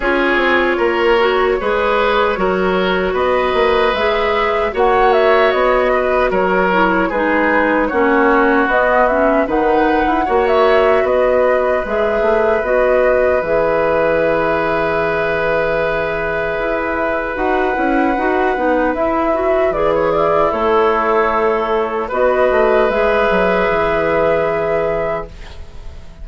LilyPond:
<<
  \new Staff \with { instrumentName = "flute" } { \time 4/4 \tempo 4 = 76 cis''1 | dis''4 e''4 fis''8 e''8 dis''4 | cis''4 b'4 cis''4 dis''8 e''8 | fis''4~ fis''16 e''8. dis''4 e''4 |
dis''4 e''2.~ | e''2 fis''2 | e''4 d''16 cis''16 d''8 cis''2 | dis''4 e''2. | }
  \new Staff \with { instrumentName = "oboe" } { \time 4/4 gis'4 ais'4 b'4 ais'4 | b'2 cis''4. b'8 | ais'4 gis'4 fis'2 | b'4 cis''4 b'2~ |
b'1~ | b'1~ | b'4. e'2~ e'8 | b'1 | }
  \new Staff \with { instrumentName = "clarinet" } { \time 4/4 f'4. fis'8 gis'4 fis'4~ | fis'4 gis'4 fis'2~ | fis'8 e'8 dis'4 cis'4 b8 cis'8 | dis'4 fis'2 gis'4 |
fis'4 gis'2.~ | gis'2 fis'8 e'8 fis'8 dis'8 | e'8 fis'8 gis'4 a'2 | fis'4 gis'2. | }
  \new Staff \with { instrumentName = "bassoon" } { \time 4/4 cis'8 c'8 ais4 gis4 fis4 | b8 ais8 gis4 ais4 b4 | fis4 gis4 ais4 b4 | dis8. e'16 ais4 b4 gis8 a8 |
b4 e2.~ | e4 e'4 dis'8 cis'8 dis'8 b8 | e'4 e4 a2 | b8 a8 gis8 fis8 e2 | }
>>